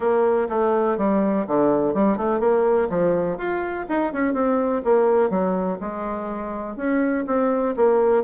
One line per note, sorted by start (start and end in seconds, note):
0.00 0.48 A#3
0.49 0.97 A3
0.97 1.46 G3
1.47 1.94 D3
1.94 2.17 G3
2.17 2.40 A3
2.40 2.88 A#3
2.89 3.37 F3
3.37 3.86 F4
3.88 4.12 D#4
4.13 4.33 C#4
4.33 4.82 C4
4.84 5.29 A#3
5.29 5.78 F#3
5.80 6.76 G#3
6.76 7.24 C#4
7.26 7.75 C4
7.76 8.23 A#3